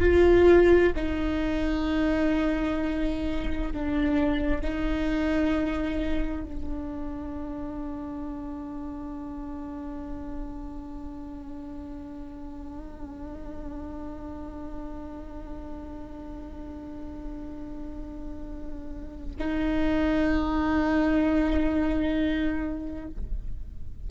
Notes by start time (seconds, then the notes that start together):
0.00 F4
0.96 D#4
3.73 D4
4.62 D#4
6.44 D4
19.39 D#4